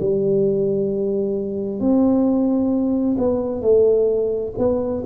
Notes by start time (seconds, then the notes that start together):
0.00 G3
1.80 C4
3.18 B3
3.62 A3
4.58 B3